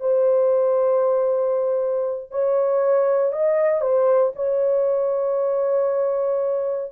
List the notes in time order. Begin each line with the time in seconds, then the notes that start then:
0.00 C5
2.31 C#5
3.33 D#5
3.81 C5
4.36 C#5